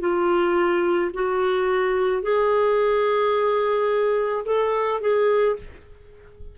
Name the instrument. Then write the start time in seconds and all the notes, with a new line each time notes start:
clarinet
0.00 F4
1.13 F#4
2.22 G#4
4.44 A4
5.00 G#4